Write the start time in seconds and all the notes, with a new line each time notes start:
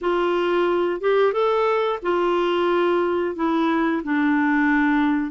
0.01 F4
1.01 G4
1.32 A4
2.02 F4
3.35 E4
4.03 D4